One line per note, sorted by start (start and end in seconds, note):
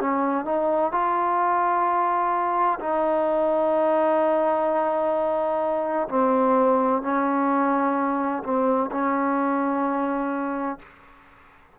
0.00 0.45 C#4
0.45 0.92 D#4
0.92 2.79 F4
2.80 6.08 D#4
6.09 7.02 C4
7.02 8.43 C#4
8.43 8.90 C4
8.91 10.79 C#4